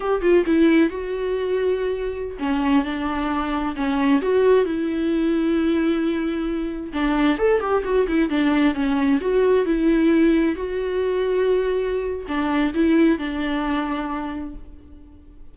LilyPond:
\new Staff \with { instrumentName = "viola" } { \time 4/4 \tempo 4 = 132 g'8 f'8 e'4 fis'2~ | fis'4~ fis'16 cis'4 d'4.~ d'16~ | d'16 cis'4 fis'4 e'4.~ e'16~ | e'2.~ e'16 d'8.~ |
d'16 a'8 g'8 fis'8 e'8 d'4 cis'8.~ | cis'16 fis'4 e'2 fis'8.~ | fis'2. d'4 | e'4 d'2. | }